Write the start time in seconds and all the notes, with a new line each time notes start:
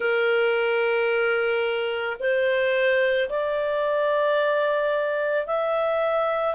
0.00 A#4
2.19 C5
3.29 D5
5.46 E5